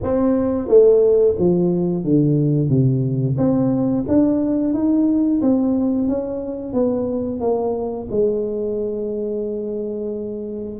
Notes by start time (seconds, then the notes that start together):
0.02 C4
0.67 A3
1.38 F3
2.04 D3
2.68 C3
3.37 C4
4.08 D4
4.73 D#4
5.41 C4
6.08 C#4
6.73 B3
7.40 A#3
8.11 G#3